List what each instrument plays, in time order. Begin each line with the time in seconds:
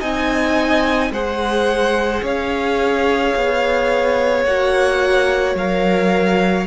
0.00 cello C4, viola D#4, violin D#5 G#5
1.10 cello G#3, viola G#4, violin C5 F#5
2.22 cello C#4, violin C#5 F5
3.35 cello B3
4.44 cello A#3, viola F#4, violin F#5
5.55 cello F#3, viola A#4, violin F5